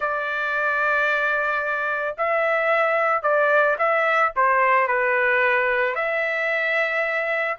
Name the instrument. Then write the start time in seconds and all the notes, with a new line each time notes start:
trumpet
0.00 D5
2.17 E5
3.22 D5
3.78 E5
4.35 C5
4.87 B4
5.95 E5